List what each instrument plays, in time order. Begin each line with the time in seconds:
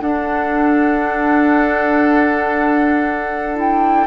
0.00 bassoon D4, clarinet D4, oboe A4, flute F#5
3.55 clarinet E4, flute G5